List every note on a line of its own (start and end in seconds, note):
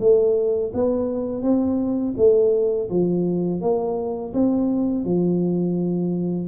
0.00 0.72 A3
0.74 1.42 B3
1.42 2.15 C4
2.17 2.89 A3
2.89 3.61 F3
3.61 4.33 A#3
4.34 5.05 C4
5.05 6.48 F3